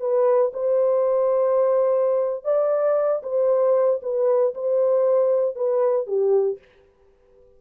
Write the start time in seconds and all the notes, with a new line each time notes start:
0.00 B4
0.53 C5
2.44 D5
3.23 C5
4.02 B4
4.54 C5
5.55 B4
6.07 G4